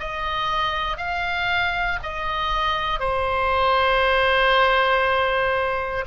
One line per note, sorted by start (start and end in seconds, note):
0.00 0.98 D#5
0.98 1.99 F5
2.03 3.00 D#5
3.00 6.05 C5